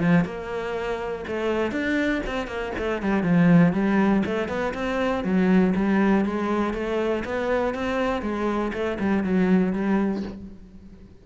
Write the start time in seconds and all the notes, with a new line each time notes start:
0.00 F3
0.25 A#3
1.28 A3
1.72 D4
2.27 C4
2.48 A#3
2.78 A3
3.02 G3
3.23 F3
3.73 G3
4.26 A3
4.49 B3
4.74 C4
5.25 F#3
5.76 G3
6.25 G#3
6.74 A3
7.25 B3
7.75 C4
8.22 G#3
8.73 A3
9.00 G3
9.24 F#3
9.73 G3